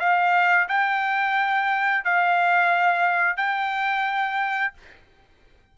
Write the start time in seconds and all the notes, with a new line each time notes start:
0.00 F5
0.68 G5
2.05 F5
3.37 G5